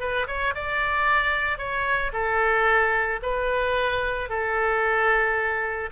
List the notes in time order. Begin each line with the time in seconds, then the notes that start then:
0.00 B4
0.27 C#5
0.55 D5
1.58 C#5
2.13 A4
3.22 B4
4.29 A4